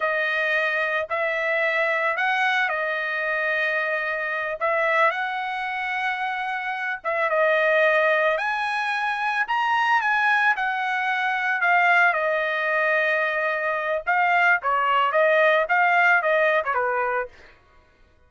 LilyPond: \new Staff \with { instrumentName = "trumpet" } { \time 4/4 \tempo 4 = 111 dis''2 e''2 | fis''4 dis''2.~ | dis''8 e''4 fis''2~ fis''8~ | fis''4 e''8 dis''2 gis''8~ |
gis''4. ais''4 gis''4 fis''8~ | fis''4. f''4 dis''4.~ | dis''2 f''4 cis''4 | dis''4 f''4 dis''8. cis''16 b'4 | }